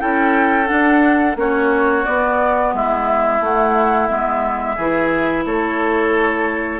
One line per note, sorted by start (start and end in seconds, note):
0.00 0.70 C#4
0.00 0.66 E4
0.00 1.37 A4
0.00 0.68 G5
0.66 1.34 D4
0.66 1.36 D4
0.66 1.36 F#5
1.36 2.04 A#3
1.36 2.06 C#4
1.36 2.75 F#4
1.36 2.05 C#5
2.05 3.41 B3
2.05 2.73 B3
2.05 2.73 D5
2.73 3.40 G#3
2.73 4.76 E4
2.73 3.44 E5
3.40 4.09 A3
3.40 4.08 A3
3.40 4.07 F#5
4.07 4.77 G#3
4.07 4.76 B3
4.07 5.43 E5
4.76 5.45 E3
4.76 6.80 E4
4.76 5.44 G#4
5.45 6.80 A3
5.45 6.80 A4
5.45 6.80 C#5